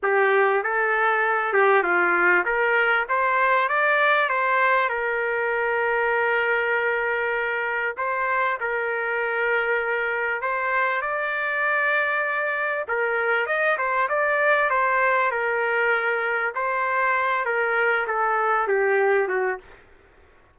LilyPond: \new Staff \with { instrumentName = "trumpet" } { \time 4/4 \tempo 4 = 98 g'4 a'4. g'8 f'4 | ais'4 c''4 d''4 c''4 | ais'1~ | ais'4 c''4 ais'2~ |
ais'4 c''4 d''2~ | d''4 ais'4 dis''8 c''8 d''4 | c''4 ais'2 c''4~ | c''8 ais'4 a'4 g'4 fis'8 | }